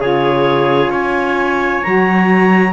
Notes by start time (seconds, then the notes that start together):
0.00 C#3 F4 G#4 C#5
0.90 C#4 C#5 G#5
1.83 F#3 F#4 A#5